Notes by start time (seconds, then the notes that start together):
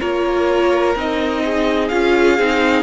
0.00 A#3 F4 A#4 C#5
0.95 C4 D#4 D#5
1.44 G#4
1.88 C#4 F4 F5
2.39 C4 D#4